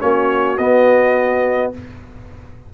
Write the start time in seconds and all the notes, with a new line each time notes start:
0.00 A#3 C#4 F#4 C#5
0.57 B3 D#5